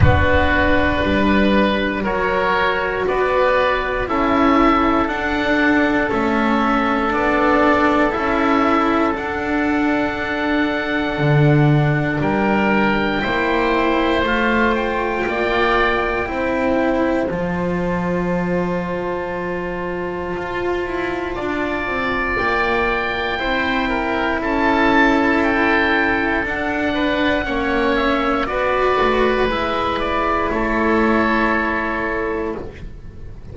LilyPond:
<<
  \new Staff \with { instrumentName = "oboe" } { \time 4/4 \tempo 4 = 59 b'2 cis''4 d''4 | e''4 fis''4 e''4 d''4 | e''4 fis''2. | g''2 f''8 g''4.~ |
g''4 a''2.~ | a''2 g''2 | a''4 g''4 fis''4. e''8 | d''4 e''8 d''8 cis''2 | }
  \new Staff \with { instrumentName = "oboe" } { \time 4/4 fis'4 b'4 ais'4 b'4 | a'1~ | a'1 | ais'4 c''2 d''4 |
c''1~ | c''4 d''2 c''8 ais'8 | a'2~ a'8 b'8 cis''4 | b'2 a'2 | }
  \new Staff \with { instrumentName = "cello" } { \time 4/4 d'2 fis'2 | e'4 d'4 cis'4 d'4 | e'4 d'2.~ | d'4 e'4 f'2 |
e'4 f'2.~ | f'2. e'4~ | e'2 d'4 cis'4 | fis'4 e'2. | }
  \new Staff \with { instrumentName = "double bass" } { \time 4/4 b4 g4 fis4 b4 | cis'4 d'4 a4 b4 | cis'4 d'2 d4 | g4 ais4 a4 ais4 |
c'4 f2. | f'8 e'8 d'8 c'8 ais4 c'4 | cis'2 d'4 ais4 | b8 a8 gis4 a2 | }
>>